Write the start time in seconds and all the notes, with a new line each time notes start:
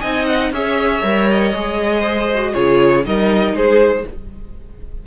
0.00 C4 D#4 D#5 G#5
0.26 F#5
0.51 C#4 G#4 C#5 E5
1.02 G3 A#4
1.30 D#5
1.53 G#3 G#4
2.00 C5
2.34 F#4
2.53 C#3 F4 G#4 C#5
3.03 G3 D#4 A#4 D#5
3.53 G#3 G#4 C5